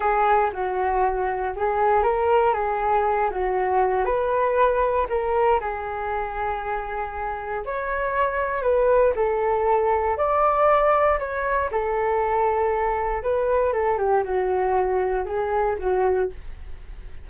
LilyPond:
\new Staff \with { instrumentName = "flute" } { \time 4/4 \tempo 4 = 118 gis'4 fis'2 gis'4 | ais'4 gis'4. fis'4. | b'2 ais'4 gis'4~ | gis'2. cis''4~ |
cis''4 b'4 a'2 | d''2 cis''4 a'4~ | a'2 b'4 a'8 g'8 | fis'2 gis'4 fis'4 | }